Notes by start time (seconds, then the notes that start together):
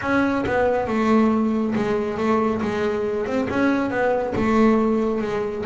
0.01 C#4
0.46 B3
0.87 A3
1.75 G#3
2.17 A3
2.61 G#3
3.26 C4
3.49 C#4
3.90 B3
4.35 A3
5.21 G#3